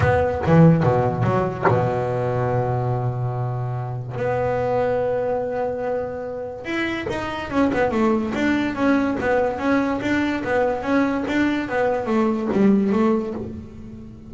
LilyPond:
\new Staff \with { instrumentName = "double bass" } { \time 4/4 \tempo 4 = 144 b4 e4 b,4 fis4 | b,1~ | b,2 b2~ | b1 |
e'4 dis'4 cis'8 b8 a4 | d'4 cis'4 b4 cis'4 | d'4 b4 cis'4 d'4 | b4 a4 g4 a4 | }